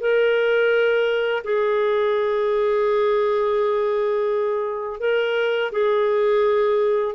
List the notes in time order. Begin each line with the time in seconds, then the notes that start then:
0.00 A#4
1.44 G#4
5.00 A#4
5.72 G#4